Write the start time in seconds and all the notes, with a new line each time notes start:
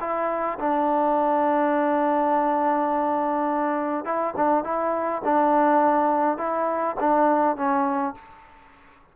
0.00 E4
0.59 D4
4.05 E4
4.36 D4
4.64 E4
5.24 D4
6.38 E4
7.00 D4
7.56 C#4